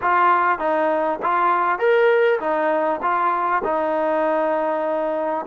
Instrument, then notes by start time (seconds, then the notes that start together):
trombone
0.01 F4
0.58 D#4
1.22 F4
1.79 A#4
2.39 D#4
3.01 F4
3.64 D#4